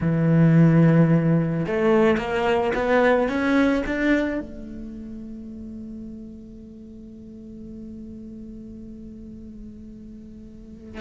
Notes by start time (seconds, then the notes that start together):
0.00 E3
1.66 A3
2.17 A#3
2.74 B3
3.28 C#4
3.85 D4
4.40 A3